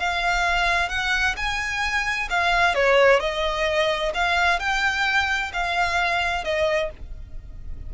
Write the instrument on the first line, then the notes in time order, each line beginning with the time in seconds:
violin
0.00 F5
0.90 F#5
1.37 G#5
2.30 F5
2.75 C#5
3.20 D#5
4.15 F5
4.60 G5
5.54 F5
6.45 D#5